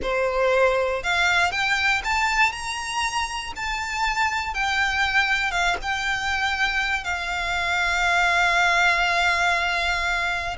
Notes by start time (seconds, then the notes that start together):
0.02 C5
1.03 F5
1.51 G5
2.04 A5
2.52 A#5
3.55 A5
4.54 G5
5.51 F5
5.81 G5
7.04 F5